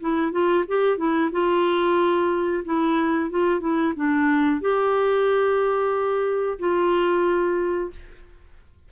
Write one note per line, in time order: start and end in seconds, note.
0.00 0.31 E4
0.31 0.64 F4
0.67 0.97 G4
0.97 1.30 E4
1.32 2.64 F4
2.64 3.30 E4
3.30 3.60 F4
3.60 3.93 E4
3.96 4.61 D4
4.61 6.59 G4
6.59 7.91 F4